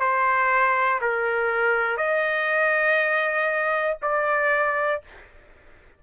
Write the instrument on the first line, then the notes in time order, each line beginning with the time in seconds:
trumpet
0.00 C5
1.00 A#4
1.97 D#5
4.01 D5